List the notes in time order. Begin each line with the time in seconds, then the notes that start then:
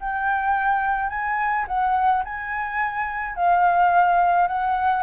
0.00 G5
1.10 G#5
1.68 F#5
2.24 G#5
3.36 F5
4.48 F#5